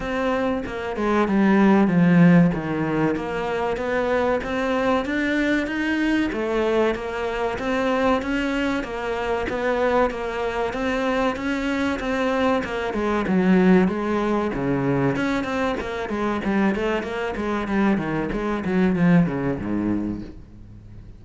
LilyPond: \new Staff \with { instrumentName = "cello" } { \time 4/4 \tempo 4 = 95 c'4 ais8 gis8 g4 f4 | dis4 ais4 b4 c'4 | d'4 dis'4 a4 ais4 | c'4 cis'4 ais4 b4 |
ais4 c'4 cis'4 c'4 | ais8 gis8 fis4 gis4 cis4 | cis'8 c'8 ais8 gis8 g8 a8 ais8 gis8 | g8 dis8 gis8 fis8 f8 cis8 gis,4 | }